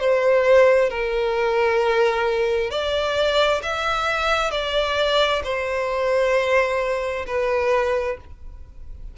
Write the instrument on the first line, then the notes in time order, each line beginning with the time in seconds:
violin
0.00 C5
0.90 A#4
2.71 D5
3.62 E5
4.51 D5
5.44 C5
7.26 B4